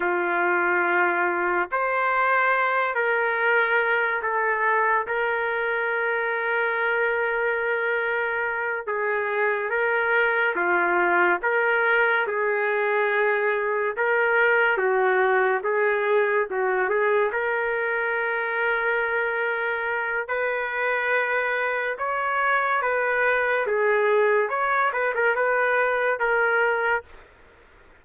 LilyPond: \new Staff \with { instrumentName = "trumpet" } { \time 4/4 \tempo 4 = 71 f'2 c''4. ais'8~ | ais'4 a'4 ais'2~ | ais'2~ ais'8 gis'4 ais'8~ | ais'8 f'4 ais'4 gis'4.~ |
gis'8 ais'4 fis'4 gis'4 fis'8 | gis'8 ais'2.~ ais'8 | b'2 cis''4 b'4 | gis'4 cis''8 b'16 ais'16 b'4 ais'4 | }